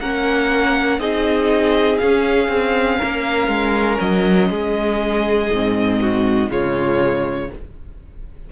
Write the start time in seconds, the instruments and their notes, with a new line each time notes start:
0.00 cello A#3, viola C#4, violin A#4 F#5
0.99 cello C4, viola D#4, violin G#4 D#5
1.97 cello C#4, viola C#4, violin F5
2.48 cello C4
2.98 cello A#3, violin A#4
3.48 cello G#3
4.00 cello F#3, violin D#5
4.50 cello G#3, violin G#4
5.51 cello G#2, viola C4
6.01 violin F#4
6.49 cello C#3, viola G#3, violin F4 C#5